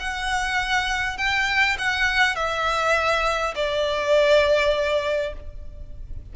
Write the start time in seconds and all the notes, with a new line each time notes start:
0.00 F#5
1.18 G5
1.79 F#5
2.36 E5
3.56 D5